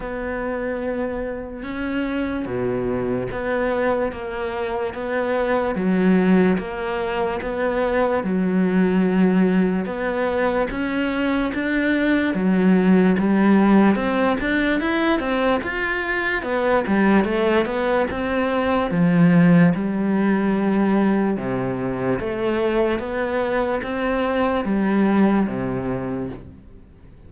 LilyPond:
\new Staff \with { instrumentName = "cello" } { \time 4/4 \tempo 4 = 73 b2 cis'4 b,4 | b4 ais4 b4 fis4 | ais4 b4 fis2 | b4 cis'4 d'4 fis4 |
g4 c'8 d'8 e'8 c'8 f'4 | b8 g8 a8 b8 c'4 f4 | g2 c4 a4 | b4 c'4 g4 c4 | }